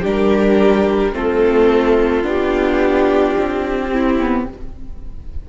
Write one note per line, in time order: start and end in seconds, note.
0.00 1.14 G3
0.00 1.13 D4
0.00 1.11 G4
0.06 1.16 A#4
1.13 2.24 A3
1.13 2.23 C4
1.13 3.91 F4
1.13 2.26 A4
2.23 3.35 B3
2.23 3.90 D4
2.23 4.49 G4
3.38 4.49 C4
3.91 4.19 C4
3.91 4.48 E4
4.19 4.47 B3